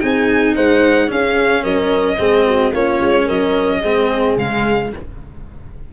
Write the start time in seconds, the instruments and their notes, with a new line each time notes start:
0.00 tuba C4, cello D#4, horn G#4, violin G#5
0.55 tuba G#3, horn C5, violin F#5
1.08 cello C#4, tuba C#4, horn G#4, violin F5
1.63 tuba F#3, horn A#4, violin D#5
2.18 tuba G#3, cello C4, horn G#4
2.47 horn F#4
2.72 tuba A#3, cello C#4, horn F4, violin C#5
3.00 tuba G#3
3.25 tuba F#3, horn A#4, violin D#5
3.80 tuba G#3, cello C4, horn G#4
4.36 tuba C#3, cello G#3, violin F5